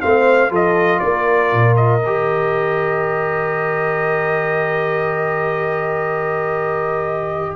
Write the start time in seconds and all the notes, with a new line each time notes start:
0.00 A3 C4 C5 F5
0.49 F3 F4 A4 D#5
0.99 A#3 A#4 D5
1.52 A#2
1.76 D#5
2.03 D#3 G4